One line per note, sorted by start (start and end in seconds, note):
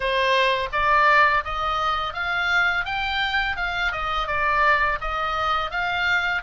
0.00 0.69 C5
0.72 1.44 D5
1.44 2.13 D#5
2.13 2.85 F5
2.85 3.56 G5
3.56 3.92 F5
3.92 4.27 D#5
4.27 4.98 D5
5.00 5.70 D#5
5.70 6.42 F5